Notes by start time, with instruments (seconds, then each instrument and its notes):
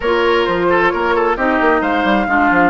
0.00 bassoon A#3, clarinet F4, oboe A#4, flute C#5
0.44 bassoon F3, flute C5
0.69 oboe A4
0.88 bassoon A#3, oboe A#4, flute C#5
1.15 oboe A4
1.36 bassoon C4, clarinet D#4, oboe G4, flute D#5
1.60 bassoon A#3
1.81 bassoon G#3, oboe C5, flute F5
2.03 bassoon G3
2.27 bassoon G#3, clarinet D4, oboe F4
2.50 bassoon F3